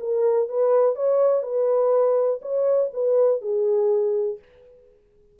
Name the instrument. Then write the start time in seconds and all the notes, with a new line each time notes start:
horn
0.00 A#4
0.49 B4
0.96 C#5
1.43 B4
2.42 C#5
2.94 B4
3.42 G#4